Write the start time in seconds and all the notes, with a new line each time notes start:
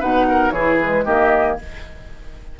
0.00 B2 D#4 B4 F#5
0.29 A#4
0.51 E3 E4 G#4 C#5
0.81 G#3 B4
1.05 D#3 A#3 G4 D#5